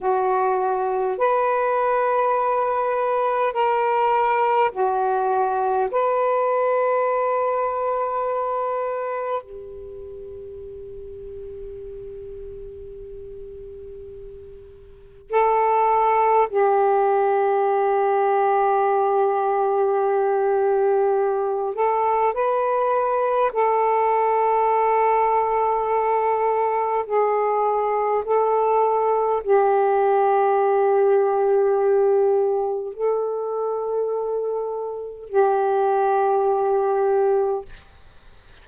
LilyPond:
\new Staff \with { instrumentName = "saxophone" } { \time 4/4 \tempo 4 = 51 fis'4 b'2 ais'4 | fis'4 b'2. | g'1~ | g'4 a'4 g'2~ |
g'2~ g'8 a'8 b'4 | a'2. gis'4 | a'4 g'2. | a'2 g'2 | }